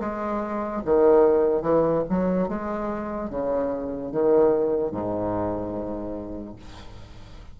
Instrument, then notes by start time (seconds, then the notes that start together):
bassoon
0.00 G#3
0.85 D#3
1.62 E3
2.09 F#3
2.48 G#3
3.30 C#3
4.12 D#3
4.91 G#2